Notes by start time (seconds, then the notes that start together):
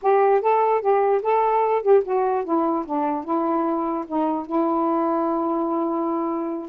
0.01 G4
0.41 A4
0.81 G4
1.22 A4
1.82 G4
2.03 F#4
2.44 E4
2.85 D4
3.24 E4
4.07 D#4
4.46 E4